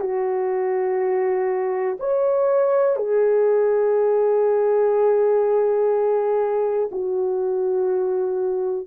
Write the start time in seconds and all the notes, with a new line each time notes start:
0.00 F#4
1.99 C#5
2.96 G#4
6.91 F#4